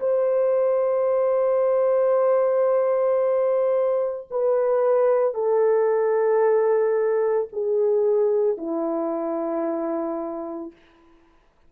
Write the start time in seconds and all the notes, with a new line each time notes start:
0.00 C5
4.31 B4
5.34 A4
7.53 G#4
8.58 E4